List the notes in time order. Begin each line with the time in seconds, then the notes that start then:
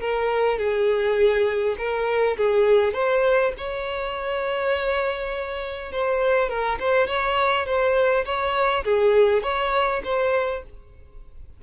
0.00 A#4
0.58 G#4
1.78 A#4
2.37 G#4
2.93 C5
3.57 C#5
5.91 C5
6.49 A#4
6.79 C5
7.07 C#5
7.66 C5
8.25 C#5
8.84 G#4
9.43 C#5
10.04 C5